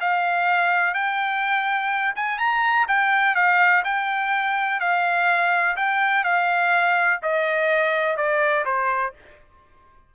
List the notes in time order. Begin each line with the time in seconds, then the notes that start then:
0.00 F5
0.94 G5
2.15 G#5
2.38 A#5
2.88 G5
3.35 F5
3.84 G5
4.80 F5
5.76 G5
6.24 F5
7.22 D#5
8.16 D5
8.65 C5